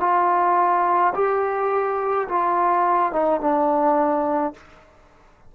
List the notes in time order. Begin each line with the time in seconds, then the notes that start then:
0.00 F4
1.14 G4
2.28 F4
3.12 D#4
3.40 D4